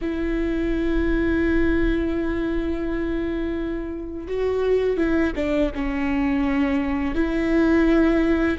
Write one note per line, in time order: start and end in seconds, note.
0.01 4.27 E4
4.27 4.97 F#4
4.97 5.32 E4
5.35 5.71 D4
5.75 7.14 C#4
7.14 8.57 E4